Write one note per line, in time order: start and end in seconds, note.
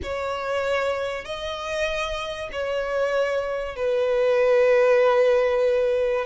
0.03 1.24 C#5
1.24 2.49 D#5
2.52 3.76 C#5
3.76 6.25 B4